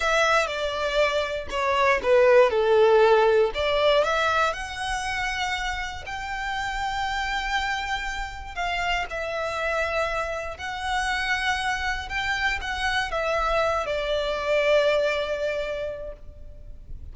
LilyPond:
\new Staff \with { instrumentName = "violin" } { \time 4/4 \tempo 4 = 119 e''4 d''2 cis''4 | b'4 a'2 d''4 | e''4 fis''2. | g''1~ |
g''4 f''4 e''2~ | e''4 fis''2. | g''4 fis''4 e''4. d''8~ | d''1 | }